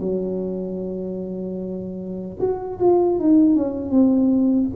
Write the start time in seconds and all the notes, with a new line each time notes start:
0.00 F#3
2.40 F#4
2.80 F4
3.19 D#4
3.56 C#4
3.90 C4